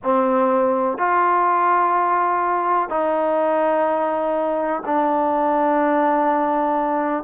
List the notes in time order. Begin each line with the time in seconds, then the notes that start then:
0.03 C4
0.97 F4
2.89 D#4
4.85 D4